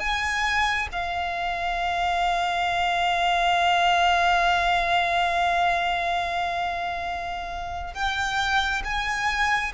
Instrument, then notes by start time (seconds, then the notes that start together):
violin
0.00 G#5
0.92 F5
7.95 G5
8.85 G#5